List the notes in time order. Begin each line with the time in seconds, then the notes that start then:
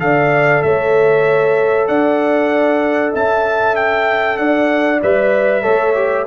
0.00 D3 A4 D5 F5
0.63 A3 C#5 E5
1.88 D4 D5 F#5
3.13 C#4 E5 A5
3.76 G5
4.38 D4 D5 F#5
5.03 G3 B4 E5
5.63 A3 A4 C#5
5.95 G4